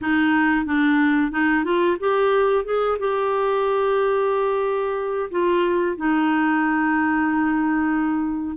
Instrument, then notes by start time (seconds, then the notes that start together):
clarinet
0.01 D#4
0.65 D4
1.31 D#4
1.64 F4
2.00 G4
2.64 G#4
2.99 G4
5.30 F4
5.96 D#4